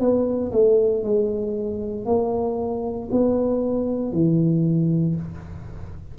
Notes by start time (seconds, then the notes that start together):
0.00 B3
0.52 A3
1.04 G#3
2.06 A#3
3.12 B3
4.12 E3